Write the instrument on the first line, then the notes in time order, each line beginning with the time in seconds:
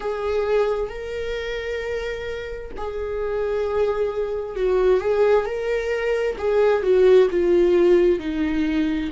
viola
0.00 G#4
0.89 A#4
2.77 G#4
4.56 F#4
5.00 G#4
5.45 A#4
6.38 G#4
6.82 F#4
7.30 F4
8.19 D#4